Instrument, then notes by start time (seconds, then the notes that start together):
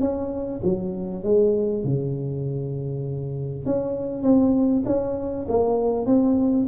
tuba
0.00 C#4
0.63 F#3
1.23 G#3
1.84 C#3
3.65 C#4
4.23 C4
4.86 C#4
5.48 A#3
6.06 C4